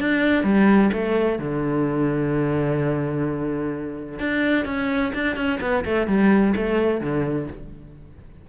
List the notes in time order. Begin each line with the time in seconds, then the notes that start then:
0.00 D4
0.43 G3
0.93 A3
1.39 D3
4.19 D4
4.65 C#4
5.14 D4
5.36 C#4
5.61 B3
5.85 A3
6.07 G3
6.56 A3
7.01 D3